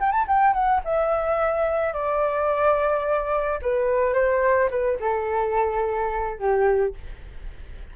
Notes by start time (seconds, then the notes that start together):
0.00 G5
0.12 A5
0.27 G5
0.53 F#5
0.84 E5
1.93 D5
3.62 B4
4.13 C5
4.70 B4
5.00 A4
6.39 G4